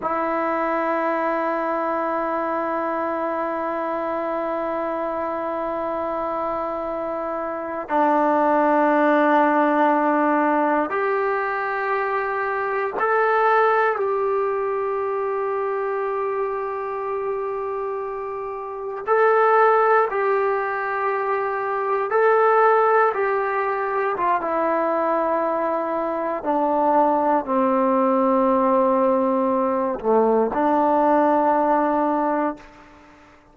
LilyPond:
\new Staff \with { instrumentName = "trombone" } { \time 4/4 \tempo 4 = 59 e'1~ | e'2.~ e'8. d'16~ | d'2~ d'8. g'4~ g'16~ | g'8. a'4 g'2~ g'16~ |
g'2~ g'8. a'4 g'16~ | g'4.~ g'16 a'4 g'4 f'16 | e'2 d'4 c'4~ | c'4. a8 d'2 | }